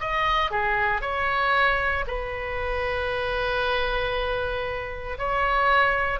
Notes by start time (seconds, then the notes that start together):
0.00 D#5
0.51 G#4
1.01 C#5
2.07 B4
5.18 C#5